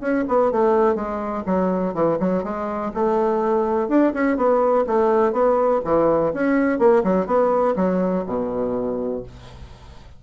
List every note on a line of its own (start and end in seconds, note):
0.00 0.24 C#4
0.28 0.51 B3
0.51 0.95 A3
0.95 1.43 G#3
1.46 1.94 F#3
1.94 2.18 E3
2.20 2.44 F#3
2.44 2.92 G#3
2.94 3.88 A3
3.88 4.13 D4
4.13 4.37 C#4
4.37 4.85 B3
4.87 5.32 A3
5.32 5.81 B3
5.84 6.33 E3
6.33 6.79 C#4
6.79 7.03 A#3
7.04 7.26 F#3
7.26 7.75 B3
7.76 8.24 F#3
8.26 9.23 B2